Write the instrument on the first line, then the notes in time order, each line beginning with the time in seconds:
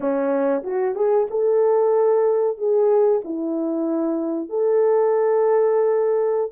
horn
0.00 C#4
0.63 F#4
0.95 G#4
1.30 A4
2.57 G#4
3.24 E4
4.49 A4